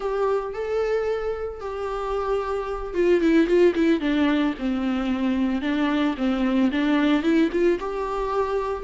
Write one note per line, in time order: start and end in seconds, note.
0.00 0.53 G4
0.53 1.60 A4
1.60 2.93 G4
2.93 3.20 F4
3.20 3.47 E4
3.47 3.73 F4
3.74 4.00 E4
4.00 4.53 D4
4.58 5.61 C4
5.61 6.15 D4
6.17 6.70 C4
6.71 7.22 D4
7.22 7.49 E4
7.52 7.78 F4
7.79 8.83 G4